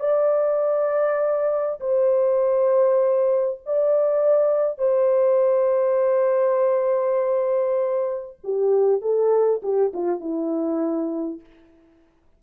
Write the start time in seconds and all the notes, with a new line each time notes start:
0.00 D5
1.81 C5
3.66 D5
4.78 C5
8.44 G4
9.02 A4
9.63 G4
9.94 F4
10.20 E4